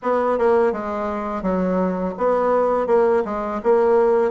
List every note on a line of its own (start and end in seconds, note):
0.02 0.38 B3
0.38 0.72 A#3
0.72 1.42 G#3
1.42 2.14 F#3
2.17 2.87 B3
2.87 3.23 A#3
3.25 3.61 G#3
3.63 4.31 A#3